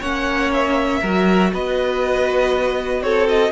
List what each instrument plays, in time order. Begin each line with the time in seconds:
0.00 cello A#3, viola C#4, violin C#5 F#5
0.53 violin E5
1.01 cello F#3, viola F#4, violin A#4
1.53 cello B3, violin B4 D#5
3.01 cello C4, violin A4 C#5
3.29 violin D#5